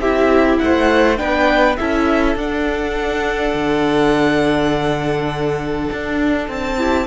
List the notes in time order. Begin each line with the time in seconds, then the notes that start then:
0.00 C4 E4 G4 E5
0.59 A3 C5 F#5
1.17 B3 D4 B4 G5
1.77 C#4 E4 A4 E5
2.36 D4 F#5
3.54 D3
5.92 D4
6.49 C4 A5
6.77 E4 G4